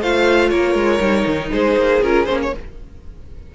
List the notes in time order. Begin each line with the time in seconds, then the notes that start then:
0.00 A3 F4 C5 F5
0.49 A#3 A#4 C#5
0.74 G#3
0.99 G3 D#4
1.26 D#3
1.50 G#3 G#4 C5
1.77 A#3
2.02 C#4 F4 A#4
2.26 A#3 C#4 C5
2.42 C#5